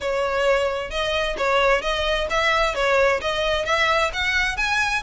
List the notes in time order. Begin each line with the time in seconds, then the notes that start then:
0.00 C#5
0.90 D#5
1.37 C#5
1.81 D#5
2.29 E5
2.74 C#5
3.21 D#5
3.65 E5
4.13 F#5
4.57 G#5